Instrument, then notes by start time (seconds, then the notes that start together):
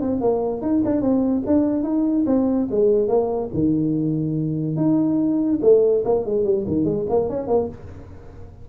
tuba
0.00 C4
0.20 A#3
0.61 D#4
0.84 D4
1.01 C4
1.46 D4
1.83 D#4
2.26 C4
2.70 G#3
3.08 A#3
3.53 D#3
4.76 D#4
5.61 A3
6.04 A#3
6.25 G#3
6.44 G3
6.67 D#3
6.84 G#3
7.09 A#3
7.29 C#4
7.47 A#3